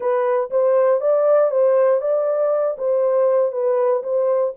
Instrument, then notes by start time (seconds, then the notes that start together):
horn
0.00 B4
0.50 C5
1.00 D5
1.51 C5
2.01 D5
2.78 C5
3.52 B4
4.03 C5